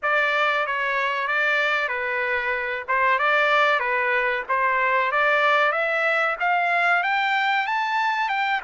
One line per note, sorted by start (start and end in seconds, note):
0.02 0.66 D5
0.66 1.27 C#5
1.27 1.88 D5
1.88 2.84 B4
2.88 3.19 C5
3.19 3.79 D5
3.79 4.43 B4
4.49 5.11 C5
5.11 5.72 D5
5.72 6.35 E5
6.40 7.03 F5
7.03 7.66 G5
7.66 8.28 A5
8.28 8.60 G5